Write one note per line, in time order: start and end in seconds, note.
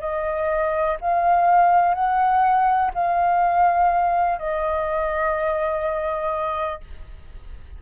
0.00 0.97 D#5
1.01 1.94 F5
1.94 2.91 F#5
2.94 4.39 F5
4.39 6.80 D#5